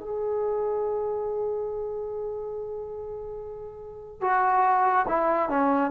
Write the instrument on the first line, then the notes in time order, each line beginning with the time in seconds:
trombone
0.00 G#4
4.21 F#4
5.08 E4
5.49 C#4